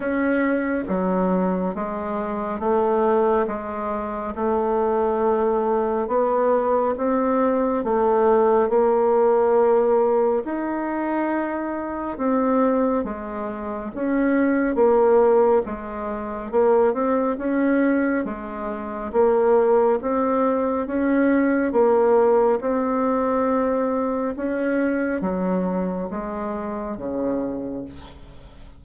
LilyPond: \new Staff \with { instrumentName = "bassoon" } { \time 4/4 \tempo 4 = 69 cis'4 fis4 gis4 a4 | gis4 a2 b4 | c'4 a4 ais2 | dis'2 c'4 gis4 |
cis'4 ais4 gis4 ais8 c'8 | cis'4 gis4 ais4 c'4 | cis'4 ais4 c'2 | cis'4 fis4 gis4 cis4 | }